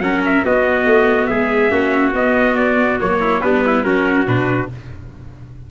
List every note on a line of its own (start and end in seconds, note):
0.00 0.43 F#3
0.00 0.44 C#4
0.00 0.46 A#4
0.00 0.22 F#5
0.26 0.46 E5
0.45 0.86 B3
0.45 1.70 B3
0.45 1.30 F#4
0.45 1.27 D#5
0.86 1.29 A3
1.27 1.72 G#3
1.27 1.72 G#4
1.27 2.12 E5
1.70 2.14 A#3
1.70 2.12 C#4
1.70 3.20 F#4
2.14 2.99 B3
2.14 3.01 B3
2.14 2.57 D#5
2.57 2.99 D5
3.01 3.44 F#3
3.01 3.42 A#3
3.01 3.41 C#5
3.21 3.42 E4
3.41 3.85 G3
3.41 3.84 B3
3.41 3.65 D4
3.41 3.84 B4
3.67 3.86 E4
3.84 4.28 F#3
3.84 4.27 C#4
3.84 4.71 F#4
3.84 4.27 A#4
4.27 4.70 B2
4.27 4.69 D4
4.27 4.70 B4